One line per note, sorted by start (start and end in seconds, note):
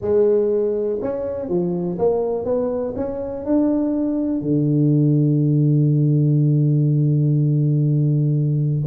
0.01 0.99 G#3
1.01 1.48 C#4
1.48 1.98 F3
1.98 2.44 A#3
2.44 2.94 B3
2.96 3.45 C#4
3.45 4.41 D4
4.41 8.83 D3